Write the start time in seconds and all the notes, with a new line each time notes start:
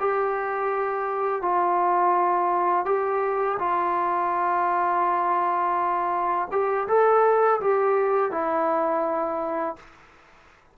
0.00 G4
1.42 F4
2.86 G4
3.59 F4
6.52 G4
6.88 A4
7.61 G4
8.32 E4